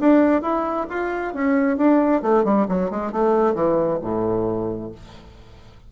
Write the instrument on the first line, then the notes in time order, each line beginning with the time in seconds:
bassoon
0.00 D4
0.42 E4
0.90 F4
1.34 C#4
1.77 D4
2.22 A3
2.45 G3
2.68 F#3
2.90 G#3
3.12 A3
3.54 E3
4.02 A2